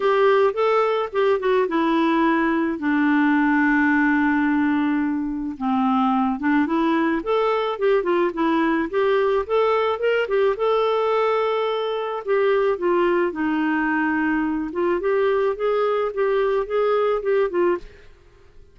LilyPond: \new Staff \with { instrumentName = "clarinet" } { \time 4/4 \tempo 4 = 108 g'4 a'4 g'8 fis'8 e'4~ | e'4 d'2.~ | d'2 c'4. d'8 | e'4 a'4 g'8 f'8 e'4 |
g'4 a'4 ais'8 g'8 a'4~ | a'2 g'4 f'4 | dis'2~ dis'8 f'8 g'4 | gis'4 g'4 gis'4 g'8 f'8 | }